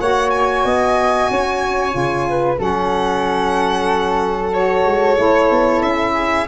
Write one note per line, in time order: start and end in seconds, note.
0.00 0.65 A#3
0.00 1.91 F#4
0.00 0.65 C#5
0.00 0.30 F#5
0.30 2.56 G#5
0.65 1.29 B3
0.65 1.30 D#5
1.31 1.94 C#4
1.31 2.29 C#5
1.91 2.59 C#3
1.91 2.56 F4
2.29 2.59 B4
2.58 4.85 F#3
2.58 4.51 C#4
2.58 6.14 A4
2.58 4.54 F#5
4.54 5.16 F#4
4.54 5.83 C#5
4.85 5.17 G#3
5.16 5.50 A3
5.16 6.45 E4
5.50 5.82 B3
5.82 6.47 C#4
5.82 6.47 E5
6.14 6.46 G#4